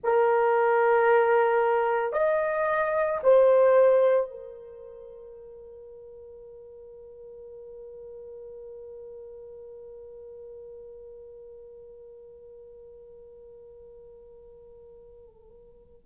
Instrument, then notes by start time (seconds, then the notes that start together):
horn
0.03 A#4
2.12 D#5
3.23 C5
4.30 A#4